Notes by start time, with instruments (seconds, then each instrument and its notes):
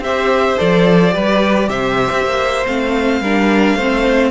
0.00 cello C4, viola G4, violin C5 E5
0.58 cello F3, viola A4, violin D5
1.11 cello G3, viola G4, violin B4
1.69 cello C3, violin C5 E5
2.11 cello C4
2.25 cello A#3
2.67 cello A3, viola C4, violin F5
3.21 cello G3, viola D4, violin A#4
3.76 cello A3, viola C4, violin C5